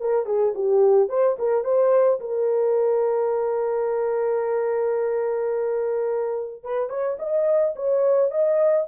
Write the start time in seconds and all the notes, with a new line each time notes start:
0.00 A#4
0.26 G#4
0.55 G4
1.09 C5
1.39 A#4
1.64 C5
2.20 A#4
6.63 B4
6.89 C#5
7.19 D#5
7.76 C#5
8.31 D#5